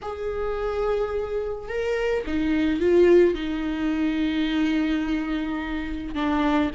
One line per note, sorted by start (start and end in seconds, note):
0.02 1.68 G#4
1.68 2.24 A#4
2.26 2.80 D#4
2.80 3.34 F4
3.34 6.15 D#4
6.15 6.71 D4